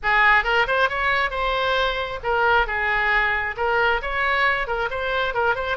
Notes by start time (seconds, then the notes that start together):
0.02 G#4
0.44 A#4
0.67 C5
0.89 C#5
1.30 C5
2.23 A#4
2.66 G#4
3.56 A#4
4.02 C#5
4.67 A#4
4.90 C5
5.34 A#4
5.55 C5